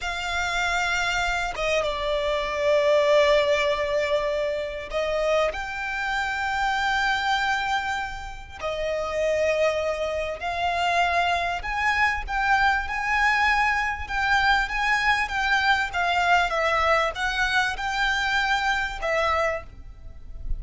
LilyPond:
\new Staff \with { instrumentName = "violin" } { \time 4/4 \tempo 4 = 98 f''2~ f''8 dis''8 d''4~ | d''1 | dis''4 g''2.~ | g''2 dis''2~ |
dis''4 f''2 gis''4 | g''4 gis''2 g''4 | gis''4 g''4 f''4 e''4 | fis''4 g''2 e''4 | }